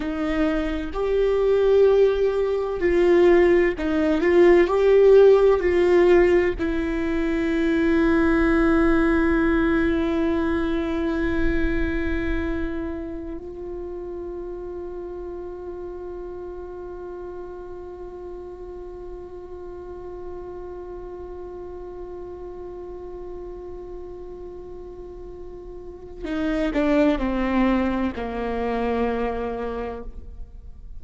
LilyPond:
\new Staff \with { instrumentName = "viola" } { \time 4/4 \tempo 4 = 64 dis'4 g'2 f'4 | dis'8 f'8 g'4 f'4 e'4~ | e'1~ | e'2~ e'16 f'4.~ f'16~ |
f'1~ | f'1~ | f'1 | dis'8 d'8 c'4 ais2 | }